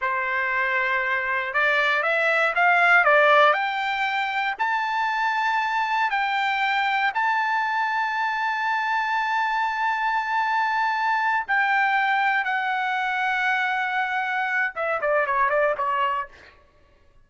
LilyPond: \new Staff \with { instrumentName = "trumpet" } { \time 4/4 \tempo 4 = 118 c''2. d''4 | e''4 f''4 d''4 g''4~ | g''4 a''2. | g''2 a''2~ |
a''1~ | a''2~ a''8 g''4.~ | g''8 fis''2.~ fis''8~ | fis''4 e''8 d''8 cis''8 d''8 cis''4 | }